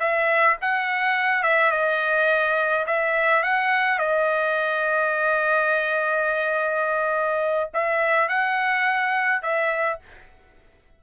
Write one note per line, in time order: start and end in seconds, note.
0.00 0.57 E5
0.62 1.43 F#5
1.43 1.72 E5
1.72 2.86 D#5
2.87 3.43 E5
3.43 3.99 F#5
3.99 7.70 D#5
7.74 8.29 E5
8.29 9.43 F#5
9.43 10.00 E5